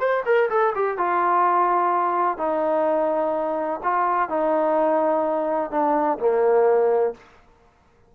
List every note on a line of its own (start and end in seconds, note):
0.00 0.24 C5
0.26 0.50 A#4
0.50 0.74 A4
0.75 0.98 G4
0.98 2.38 F4
2.38 3.81 D#4
3.84 4.29 F4
4.29 5.71 D#4
5.71 6.19 D4
6.19 7.14 A#3